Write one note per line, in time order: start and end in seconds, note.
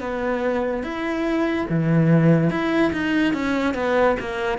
0.00 0.83 B3
0.83 1.67 E4
1.69 2.50 E3
2.50 2.92 E4
2.93 3.33 D#4
3.33 3.74 C#4
3.74 4.16 B3
4.20 4.58 A#3